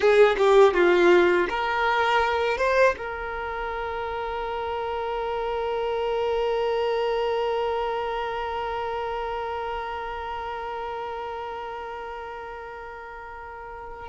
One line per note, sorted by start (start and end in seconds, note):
0.00 0.36 G#4
0.37 0.73 G4
0.73 1.47 F4
1.49 2.57 A#4
2.57 2.94 C5
2.97 14.08 A#4